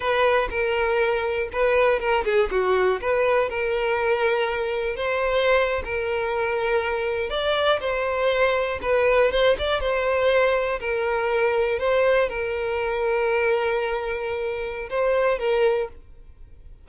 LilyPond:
\new Staff \with { instrumentName = "violin" } { \time 4/4 \tempo 4 = 121 b'4 ais'2 b'4 | ais'8 gis'8 fis'4 b'4 ais'4~ | ais'2 c''4.~ c''16 ais'16~ | ais'2~ ais'8. d''4 c''16~ |
c''4.~ c''16 b'4 c''8 d''8 c''16~ | c''4.~ c''16 ais'2 c''16~ | c''8. ais'2.~ ais'16~ | ais'2 c''4 ais'4 | }